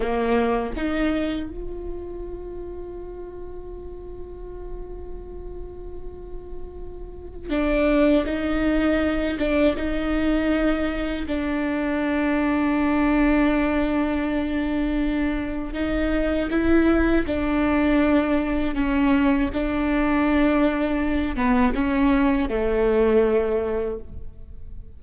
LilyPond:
\new Staff \with { instrumentName = "viola" } { \time 4/4 \tempo 4 = 80 ais4 dis'4 f'2~ | f'1~ | f'2 d'4 dis'4~ | dis'8 d'8 dis'2 d'4~ |
d'1~ | d'4 dis'4 e'4 d'4~ | d'4 cis'4 d'2~ | d'8 b8 cis'4 a2 | }